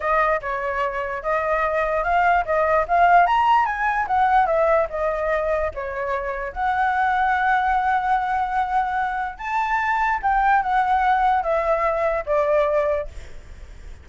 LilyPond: \new Staff \with { instrumentName = "flute" } { \time 4/4 \tempo 4 = 147 dis''4 cis''2 dis''4~ | dis''4 f''4 dis''4 f''4 | ais''4 gis''4 fis''4 e''4 | dis''2 cis''2 |
fis''1~ | fis''2. a''4~ | a''4 g''4 fis''2 | e''2 d''2 | }